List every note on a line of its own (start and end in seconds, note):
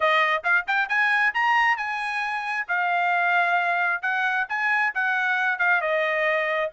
0.00 0.43 D#5
0.43 0.65 F5
0.67 0.88 G5
0.88 1.33 G#5
1.34 1.77 A#5
1.77 2.66 G#5
2.68 4.02 F5
4.02 4.46 F#5
4.48 4.93 G#5
4.94 5.58 F#5
5.58 5.81 F5
5.81 6.70 D#5